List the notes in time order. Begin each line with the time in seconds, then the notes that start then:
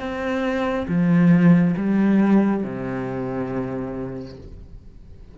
0.00 C4
0.89 F3
1.77 G3
2.64 C3